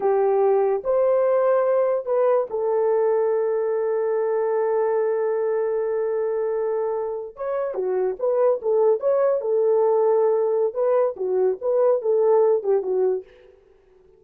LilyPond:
\new Staff \with { instrumentName = "horn" } { \time 4/4 \tempo 4 = 145 g'2 c''2~ | c''4 b'4 a'2~ | a'1~ | a'1~ |
a'4.~ a'16 cis''4 fis'4 b'16~ | b'8. a'4 cis''4 a'4~ a'16~ | a'2 b'4 fis'4 | b'4 a'4. g'8 fis'4 | }